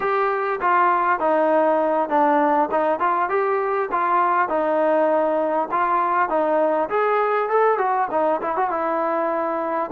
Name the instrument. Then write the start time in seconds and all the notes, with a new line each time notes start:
trombone
0.00 G4
0.60 F4
1.19 D#4
2.09 D4
2.71 D#4
2.99 F4
3.29 G4
3.91 F4
4.48 D#4
5.71 F4
6.29 D#4
6.89 G#4
7.49 A4
7.78 F#4
8.10 D#4
8.41 E4
8.56 F#4
8.70 E4